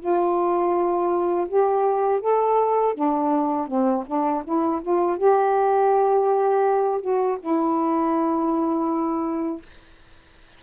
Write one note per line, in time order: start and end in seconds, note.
0.00 1.48 F4
1.48 2.21 G4
2.21 2.95 A4
2.95 3.68 D4
3.68 4.05 C4
4.07 4.44 D4
4.45 4.82 E4
4.82 5.18 F4
5.18 7.01 G4
7.01 7.38 F#4
7.40 9.63 E4